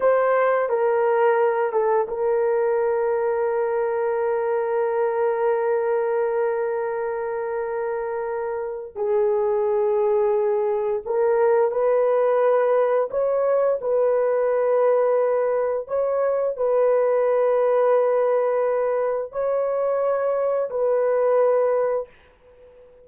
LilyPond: \new Staff \with { instrumentName = "horn" } { \time 4/4 \tempo 4 = 87 c''4 ais'4. a'8 ais'4~ | ais'1~ | ais'1~ | ais'4 gis'2. |
ais'4 b'2 cis''4 | b'2. cis''4 | b'1 | cis''2 b'2 | }